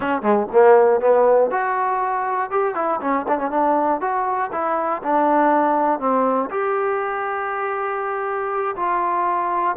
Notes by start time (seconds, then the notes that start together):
0.00 C#4
0.22 G#3
0.52 A#3
1.00 B3
1.50 F#4
2.50 G4
2.75 E4
3.00 C#4
3.27 D4
3.38 C#4
3.50 D4
4.00 F#4
4.52 E4
5.02 D4
5.99 C4
6.50 G4
8.76 F4